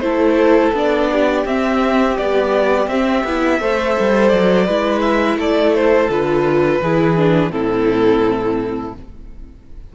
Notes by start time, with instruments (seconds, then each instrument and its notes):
0.00 cello A3, viola E4, violin A4 C5
0.73 cello B3, viola D4, violin D5
1.12 violin G4
1.46 cello C4, viola C4, violin E5
2.17 viola G3, cello B3, violin D5
2.87 cello C4, viola C4, violin E5
3.24 cello B3, viola E4
3.60 cello A3, viola A4, violin C5
4.00 cello G3
4.28 cello F#3, violin D5
4.66 cello G#3, viola E4, violin B4
5.01 violin E5
5.37 cello A3, violin A4 D5
5.75 violin C5
6.09 cello D3, viola F4, violin B4
6.82 cello E3, viola E4, violin G#4
7.17 viola D4
7.51 cello A2, viola C4, violin E4 A4